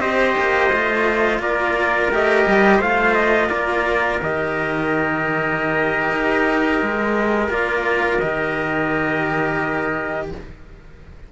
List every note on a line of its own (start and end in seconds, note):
0.00 0.35 C4
0.00 0.70 G4
0.00 1.41 C5
0.00 1.40 D#5
0.37 0.71 A#3
0.71 1.39 A3
0.71 2.12 F4
1.39 2.08 A#3
1.39 2.77 A#4
1.39 2.11 D5
2.10 2.45 A3
2.10 2.82 G4
2.10 2.81 D#5
2.47 2.80 G3
2.77 3.50 A3
2.77 4.21 F4
2.77 3.47 C5
2.77 3.15 F5
3.15 3.49 D#5
3.49 4.21 A#3
3.49 10.29 A#4
3.49 4.19 D5
4.22 6.11 D#3
4.22 7.50 G4
4.22 7.52 D#5
6.11 6.81 D#4
6.82 7.48 G#3
7.48 8.18 A#3
7.48 8.20 F4
7.48 8.19 D5
8.19 10.32 D#3
8.19 10.31 G4
8.19 10.29 D#5